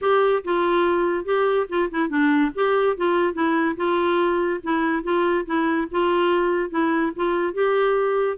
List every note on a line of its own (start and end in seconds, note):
0.01 0.43 G4
0.44 1.25 F4
1.25 1.66 G4
1.68 1.89 F4
1.90 2.09 E4
2.09 2.51 D4
2.54 2.96 G4
2.97 3.33 F4
3.33 3.75 E4
3.76 4.60 F4
4.63 5.03 E4
5.03 5.45 F4
5.45 5.87 E4
5.91 6.69 F4
6.69 7.11 E4
7.16 7.53 F4
7.53 8.37 G4